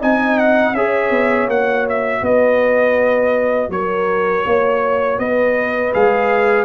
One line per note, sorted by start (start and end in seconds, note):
0.00 0.73 C4
0.00 0.75 D#4
0.00 0.74 D#5
0.00 0.39 G#5
0.39 0.75 F#5
0.73 1.10 C#4
0.73 1.50 G#4
0.73 2.21 C#5
0.73 1.49 E5
1.10 1.47 B3
1.47 2.21 A#3
1.47 5.93 F#4
1.47 1.87 F#5
1.89 2.24 E5
2.21 3.69 B3
2.21 3.69 B4
2.21 3.71 D#5
3.69 4.43 F#3
3.69 4.46 A#4
3.69 5.19 C#5
4.46 5.18 A#3
4.46 5.19 C#5
5.18 5.92 B3
5.18 6.65 B4
5.18 5.93 D#5
5.93 6.65 G#3
5.93 6.65 G#4
5.93 6.65 F5